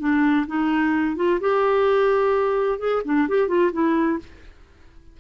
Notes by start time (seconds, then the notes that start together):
0.00 D4
0.47 D#4
1.17 F4
1.41 G4
2.79 G#4
3.05 D4
3.29 G4
3.49 F4
3.73 E4